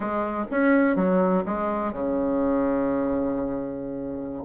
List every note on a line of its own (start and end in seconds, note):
0.00 0.45 G#3
0.51 0.95 C#4
0.95 1.43 F#3
1.45 1.92 G#3
1.92 4.44 C#3